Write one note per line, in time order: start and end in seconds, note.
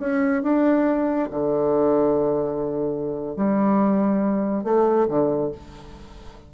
0.00 0.43 C#4
0.43 1.30 D4
1.31 3.36 D3
3.36 4.64 G3
4.64 5.07 A3
5.08 5.52 D3